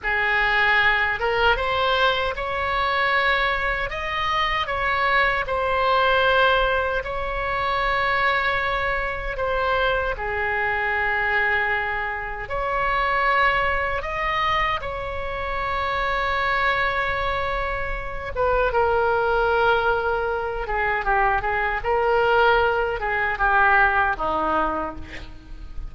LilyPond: \new Staff \with { instrumentName = "oboe" } { \time 4/4 \tempo 4 = 77 gis'4. ais'8 c''4 cis''4~ | cis''4 dis''4 cis''4 c''4~ | c''4 cis''2. | c''4 gis'2. |
cis''2 dis''4 cis''4~ | cis''2.~ cis''8 b'8 | ais'2~ ais'8 gis'8 g'8 gis'8 | ais'4. gis'8 g'4 dis'4 | }